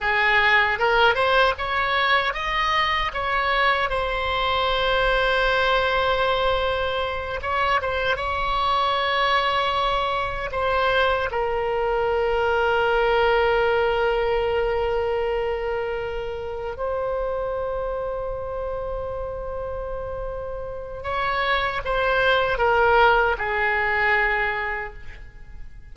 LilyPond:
\new Staff \with { instrumentName = "oboe" } { \time 4/4 \tempo 4 = 77 gis'4 ais'8 c''8 cis''4 dis''4 | cis''4 c''2.~ | c''4. cis''8 c''8 cis''4.~ | cis''4. c''4 ais'4.~ |
ais'1~ | ais'4. c''2~ c''8~ | c''2. cis''4 | c''4 ais'4 gis'2 | }